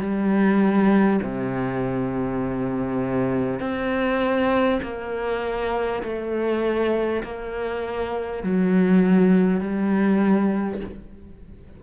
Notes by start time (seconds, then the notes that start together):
0.00 G3
1.22 C3
3.60 C4
4.82 A#3
6.02 A3
7.23 A#3
8.43 F#3
9.60 G3